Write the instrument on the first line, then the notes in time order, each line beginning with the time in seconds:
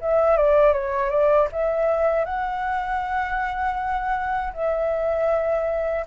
flute
0.00 E5
0.37 D5
0.72 C#5
1.09 D5
1.52 E5
2.25 F#5
4.53 E5